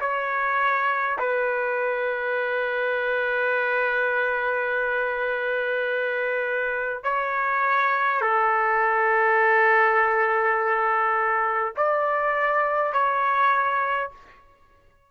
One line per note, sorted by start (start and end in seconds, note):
0.00 1.18 C#5
1.19 7.03 B4
7.03 8.21 C#5
8.21 11.74 A4
11.76 12.93 D5
12.93 14.10 C#5